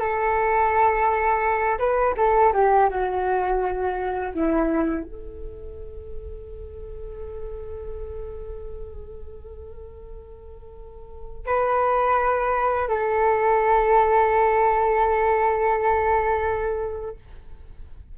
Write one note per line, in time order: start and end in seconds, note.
0.00 1.79 A4
1.79 2.15 B4
2.18 2.53 A4
2.54 2.90 G4
2.90 4.33 F#4
4.34 5.04 E4
5.04 11.46 A4
11.46 12.89 B4
12.89 17.17 A4